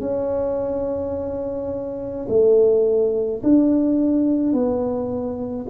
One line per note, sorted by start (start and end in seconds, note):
0.00 2.26 C#4
2.28 3.42 A3
3.43 4.53 D4
4.53 5.66 B3